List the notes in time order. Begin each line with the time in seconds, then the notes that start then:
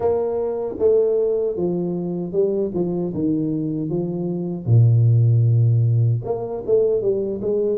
0.00 A#3
0.79 A3
1.56 F3
2.32 G3
2.74 F3
3.14 D#3
3.89 F3
4.65 A#2
6.24 A#3
6.66 A3
7.01 G3
7.41 G#3